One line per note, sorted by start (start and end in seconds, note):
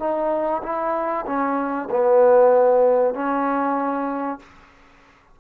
0.00 0.62 D#4
0.63 1.26 E4
1.27 1.89 C#4
1.91 3.15 B3
3.15 4.40 C#4